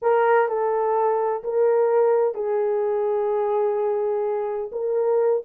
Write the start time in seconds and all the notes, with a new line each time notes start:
0.02 A#4
0.48 A4
1.43 A#4
2.34 G#4
4.72 A#4